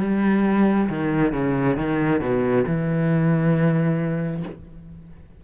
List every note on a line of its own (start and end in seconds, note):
0.00 0.88 G3
0.89 1.32 D#3
1.32 1.76 C#3
1.76 2.20 D#3
2.20 2.64 B2
2.66 4.43 E3